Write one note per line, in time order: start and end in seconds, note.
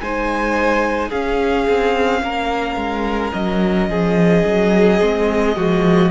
0.00 1.11 G#3
0.00 1.12 D#4
0.00 1.09 C5
0.00 1.11 G#5
1.09 1.67 C#4
1.09 5.00 C#4
1.09 2.20 G#4
1.09 3.33 F5
1.68 2.22 C4
2.22 2.76 A#3
2.22 3.89 A#4
2.76 3.31 G#3
3.33 3.88 F#3
3.33 6.10 D#5
3.88 4.44 F3
3.88 5.56 G#4
4.45 5.01 F#3
5.00 5.56 G#3
5.00 5.55 C4
5.56 6.10 F3
5.56 6.10 G#3
5.56 6.10 F#4